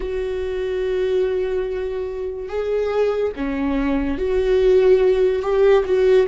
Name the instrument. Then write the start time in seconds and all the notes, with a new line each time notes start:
viola
0.00 F#4
2.48 G#4
3.35 C#4
4.18 F#4
5.42 G4
5.85 F#4